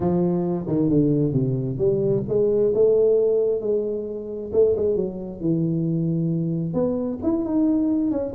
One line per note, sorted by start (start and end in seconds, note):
0.00 0.65 F3
0.67 0.89 D#3
0.89 1.32 D3
1.32 1.77 C3
1.78 2.23 G3
2.28 2.73 G#3
2.74 3.60 A3
3.60 4.51 G#3
4.53 4.75 A3
4.76 4.96 G#3
4.96 5.40 F#3
5.40 6.73 E3
6.73 7.19 B3
7.23 7.45 E4
7.45 8.11 D#4
8.11 8.33 C#4